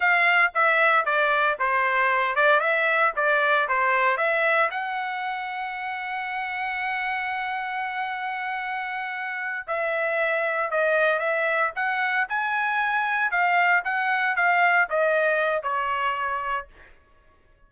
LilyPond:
\new Staff \with { instrumentName = "trumpet" } { \time 4/4 \tempo 4 = 115 f''4 e''4 d''4 c''4~ | c''8 d''8 e''4 d''4 c''4 | e''4 fis''2.~ | fis''1~ |
fis''2~ fis''8 e''4.~ | e''8 dis''4 e''4 fis''4 gis''8~ | gis''4. f''4 fis''4 f''8~ | f''8 dis''4. cis''2 | }